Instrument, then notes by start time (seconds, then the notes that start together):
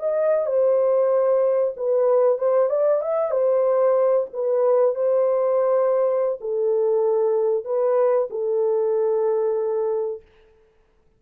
horn
0.00 D#5
0.47 C5
1.77 B4
2.38 C5
2.70 D5
3.02 E5
3.31 C5
4.33 B4
4.96 C5
6.41 A4
7.65 B4
8.31 A4